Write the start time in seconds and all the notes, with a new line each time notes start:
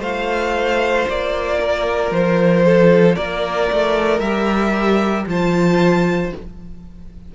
0.00 A3 F4 C5 F5
1.09 A#3 D5
1.61 A#4
2.11 F3 C5
2.66 A4
3.16 A#3 A#4 D5
3.72 A3
4.20 G3 G4 E5
5.27 F3 F4 C5 A5